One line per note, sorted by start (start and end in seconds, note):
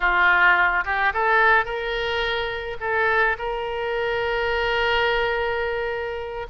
0.00 0.84 F4
0.84 1.12 G4
1.13 1.65 A4
1.65 2.77 A#4
2.80 3.36 A4
3.38 6.46 A#4